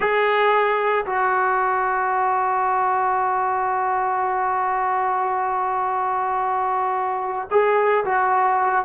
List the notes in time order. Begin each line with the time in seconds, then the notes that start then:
0.00 G#4
1.05 F#4
7.50 G#4
8.05 F#4